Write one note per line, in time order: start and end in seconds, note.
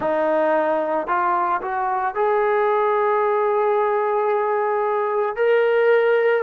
0.00 1.07 D#4
1.07 1.61 F4
1.61 2.14 F#4
2.14 5.36 G#4
5.36 6.43 A#4